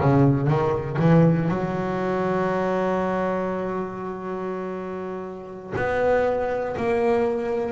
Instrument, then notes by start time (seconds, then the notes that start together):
double bass
0.00 C#3
0.47 D#3
0.98 E3
1.48 F#3
5.76 B3
6.77 A#3